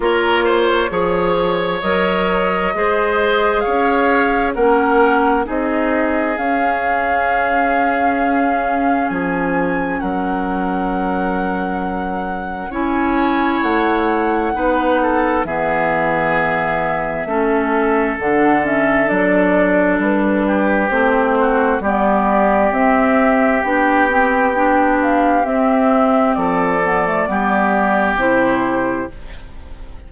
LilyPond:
<<
  \new Staff \with { instrumentName = "flute" } { \time 4/4 \tempo 4 = 66 cis''2 dis''2 | f''4 fis''4 dis''4 f''4~ | f''2 gis''4 fis''4~ | fis''2 gis''4 fis''4~ |
fis''4 e''2. | fis''8 e''8 d''4 b'4 c''4 | d''4 e''4 g''4. f''8 | e''4 d''2 c''4 | }
  \new Staff \with { instrumentName = "oboe" } { \time 4/4 ais'8 c''8 cis''2 c''4 | cis''4 ais'4 gis'2~ | gis'2. ais'4~ | ais'2 cis''2 |
b'8 a'8 gis'2 a'4~ | a'2~ a'8 g'4 fis'8 | g'1~ | g'4 a'4 g'2 | }
  \new Staff \with { instrumentName = "clarinet" } { \time 4/4 f'4 gis'4 ais'4 gis'4~ | gis'4 cis'4 dis'4 cis'4~ | cis'1~ | cis'2 e'2 |
dis'4 b2 cis'4 | d'8 cis'8 d'2 c'4 | b4 c'4 d'8 c'8 d'4 | c'4. b16 a16 b4 e'4 | }
  \new Staff \with { instrumentName = "bassoon" } { \time 4/4 ais4 f4 fis4 gis4 | cis'4 ais4 c'4 cis'4~ | cis'2 f4 fis4~ | fis2 cis'4 a4 |
b4 e2 a4 | d4 fis4 g4 a4 | g4 c'4 b2 | c'4 f4 g4 c4 | }
>>